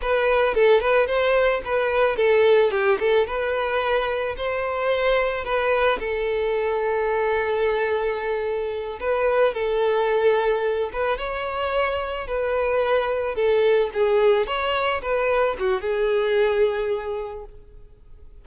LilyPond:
\new Staff \with { instrumentName = "violin" } { \time 4/4 \tempo 4 = 110 b'4 a'8 b'8 c''4 b'4 | a'4 g'8 a'8 b'2 | c''2 b'4 a'4~ | a'1~ |
a'8 b'4 a'2~ a'8 | b'8 cis''2 b'4.~ | b'8 a'4 gis'4 cis''4 b'8~ | b'8 fis'8 gis'2. | }